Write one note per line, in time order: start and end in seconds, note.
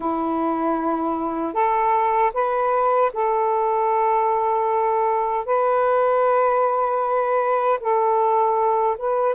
0.00 1.53 E4
1.53 2.31 A4
2.33 3.11 B4
3.13 5.45 A4
5.45 7.79 B4
7.80 8.96 A4
8.98 9.34 B4